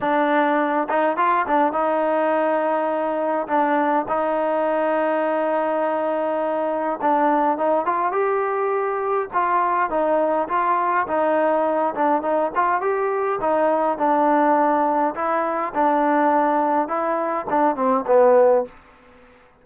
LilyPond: \new Staff \with { instrumentName = "trombone" } { \time 4/4 \tempo 4 = 103 d'4. dis'8 f'8 d'8 dis'4~ | dis'2 d'4 dis'4~ | dis'1 | d'4 dis'8 f'8 g'2 |
f'4 dis'4 f'4 dis'4~ | dis'8 d'8 dis'8 f'8 g'4 dis'4 | d'2 e'4 d'4~ | d'4 e'4 d'8 c'8 b4 | }